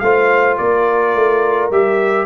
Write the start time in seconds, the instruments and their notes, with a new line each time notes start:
0.00 tuba A3, trombone F4, horn C5, trumpet F5
0.58 tuba A#3, horn A#4, trumpet D5
1.15 tuba A3
1.71 tuba G3, trombone G4, trumpet E5